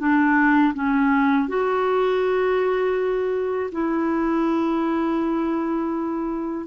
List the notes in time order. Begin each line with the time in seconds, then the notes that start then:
0.00 D4
0.75 C#4
1.48 F#4
3.72 E4